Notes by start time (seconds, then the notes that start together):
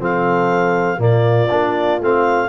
0.00 F3 C4 A4 F5
0.99 A#2 A#3 F4 D5
1.50 A#3 D4
2.01 A3 C4 F5